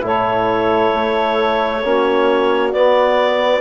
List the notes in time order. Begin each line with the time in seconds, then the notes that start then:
0.00 A2 E4 A4 C#5
0.94 A3
1.83 A#3 C#4 F#4
2.71 B3 D5